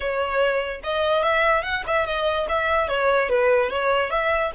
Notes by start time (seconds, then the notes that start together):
0.00 C#5
0.83 D#5
1.22 E5
1.63 F#5
1.86 E5
2.05 D#5
2.48 E5
2.88 C#5
3.29 B4
3.70 C#5
4.10 E5